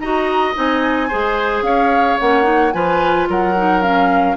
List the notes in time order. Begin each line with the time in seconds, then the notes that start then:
0.00 D#4 F#4 D#5 A#5
0.54 C4 D#4 G#5
1.08 G#3 G#4 C5
1.62 C#4 C#5 F5
2.19 A#3 C#4 F#5
2.43 D#4
2.73 F3 F4 B4 G#5
3.29 F#3 A#4 F#5
3.57 D#4
3.82 C#4 F5